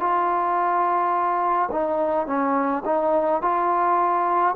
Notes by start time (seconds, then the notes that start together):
0.00 F4
1.72 D#4
2.27 C#4
2.86 D#4
3.42 F4